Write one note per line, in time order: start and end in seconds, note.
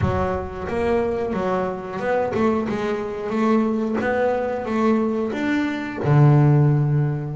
0.01 0.67 F#3
0.68 1.33 A#3
1.33 1.99 F#3
1.99 2.32 B3
2.34 2.67 A3
2.68 3.29 G#3
3.29 3.96 A3
4.00 4.65 B3
4.65 5.32 A3
5.32 5.98 D4
6.04 7.35 D3